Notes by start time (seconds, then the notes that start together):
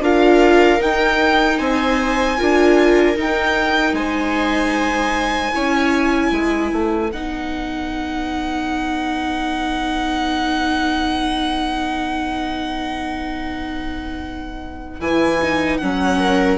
0.00 D4 F4 A#4 F5
0.79 D#4 G5
1.58 C4 C5 G#5
2.37 D4 F4 A#4
3.15 D#4 G5
3.92 G#3 C5 G#5
5.52 C#4 E4 C#5
6.31 G#3 B4
6.72 A3
7.11 B3 D#4 F#5
14.99 E3 E4 G#5
15.42 D#4
15.77 F#3 C#4 F#5
16.18 A#4